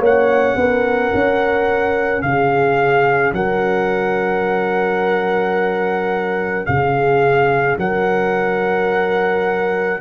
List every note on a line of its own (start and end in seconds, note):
0.00 0.56 A#3
0.00 10.01 C#4
0.00 0.56 C#5
0.00 2.22 F#5
0.56 1.12 B3
0.56 2.26 A#4
1.15 2.23 C#4
2.22 3.33 C#3
2.22 3.35 G#4
2.22 3.33 F5
3.33 6.67 F#3
3.33 6.69 A#4
3.33 6.66 F#5
6.66 7.78 C#3
6.66 7.79 G#4
6.66 7.77 F5
7.78 10.00 F#3
7.78 10.01 A#4
7.78 10.01 F#5